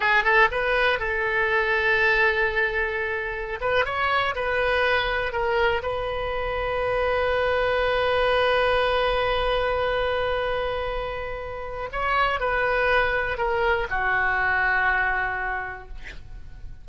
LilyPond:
\new Staff \with { instrumentName = "oboe" } { \time 4/4 \tempo 4 = 121 gis'8 a'8 b'4 a'2~ | a'2.~ a'16 b'8 cis''16~ | cis''8. b'2 ais'4 b'16~ | b'1~ |
b'1~ | b'1 | cis''4 b'2 ais'4 | fis'1 | }